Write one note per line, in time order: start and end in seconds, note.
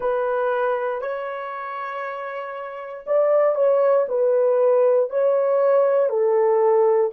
0.00 1.01 B4
1.01 3.04 C#5
3.06 3.55 D5
3.55 4.06 C#5
4.08 5.10 B4
5.10 6.09 C#5
6.09 7.10 A4